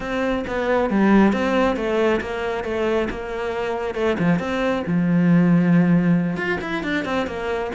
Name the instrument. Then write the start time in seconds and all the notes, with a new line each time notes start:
cello
0.00 C4
0.47 B3
0.89 G3
1.33 C4
1.76 A3
2.20 A#3
2.64 A3
3.09 A#3
3.94 A3
4.18 F3
4.39 C4
4.86 F3
6.36 F4
6.61 E4
6.83 D4
7.05 C4
7.27 A#3